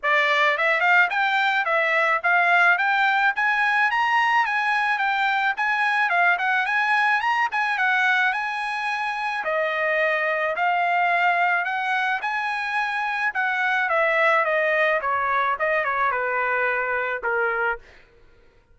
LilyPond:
\new Staff \with { instrumentName = "trumpet" } { \time 4/4 \tempo 4 = 108 d''4 e''8 f''8 g''4 e''4 | f''4 g''4 gis''4 ais''4 | gis''4 g''4 gis''4 f''8 fis''8 | gis''4 ais''8 gis''8 fis''4 gis''4~ |
gis''4 dis''2 f''4~ | f''4 fis''4 gis''2 | fis''4 e''4 dis''4 cis''4 | dis''8 cis''8 b'2 ais'4 | }